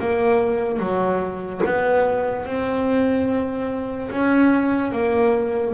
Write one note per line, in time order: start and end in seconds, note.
0.00 0.79 A#3
0.79 1.61 F#3
1.66 2.46 B3
2.46 4.10 C4
4.11 4.92 C#4
4.92 5.74 A#3